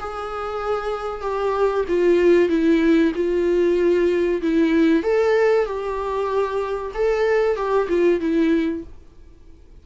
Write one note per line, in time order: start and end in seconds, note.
0.00 1.22 G#4
1.22 1.85 G4
1.89 2.49 F4
2.49 3.13 E4
3.16 4.42 F4
4.42 5.04 E4
5.04 5.66 A4
5.66 6.92 G4
6.95 7.56 A4
7.56 7.88 G4
7.89 8.20 F4
8.20 8.84 E4